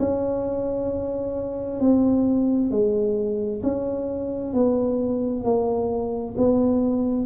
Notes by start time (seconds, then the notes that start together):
0.00 C#4
1.81 C4
2.71 G#3
3.63 C#4
4.54 B3
5.45 A#3
6.38 B3